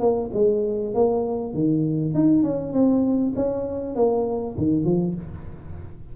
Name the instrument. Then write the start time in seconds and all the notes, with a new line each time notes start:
tuba
0.00 A#3
0.34 G#3
0.94 A#3
1.54 D#3
2.14 D#4
2.43 C#4
2.73 C4
3.36 C#4
3.95 A#3
4.57 D#3
4.85 F3